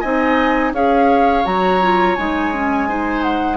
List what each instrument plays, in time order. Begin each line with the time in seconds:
0.00 bassoon C4, clarinet D#4, oboe D#5, flute G#5
0.72 bassoon C#4, clarinet G#4, oboe C#5, flute F5
1.44 bassoon F#3, clarinet F#4, flute A#5
1.82 clarinet F4
2.15 bassoon G#3, clarinet D#4, flute G#5
2.53 clarinet C#4
2.88 clarinet D#4, oboe C5
3.22 flute F#5